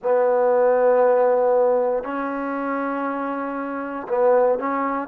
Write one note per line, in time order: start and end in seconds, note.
0.02 2.03 B3
2.03 4.07 C#4
4.08 4.59 B3
4.59 5.08 C#4